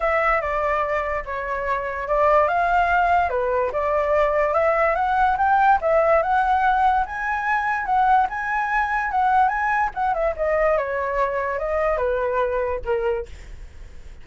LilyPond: \new Staff \with { instrumentName = "flute" } { \time 4/4 \tempo 4 = 145 e''4 d''2 cis''4~ | cis''4 d''4 f''2 | b'4 d''2 e''4 | fis''4 g''4 e''4 fis''4~ |
fis''4 gis''2 fis''4 | gis''2 fis''4 gis''4 | fis''8 e''8 dis''4 cis''2 | dis''4 b'2 ais'4 | }